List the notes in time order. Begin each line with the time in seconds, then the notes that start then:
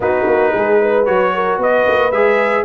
0.00 B3 D#4 F#4 B4
0.26 A#3
0.52 G#3 G#4
0.80 B4
1.05 F#3 F#4 C#5
1.34 A#4
1.58 B3 B4 D#5
1.87 A#3
2.11 G#3 G#4 E5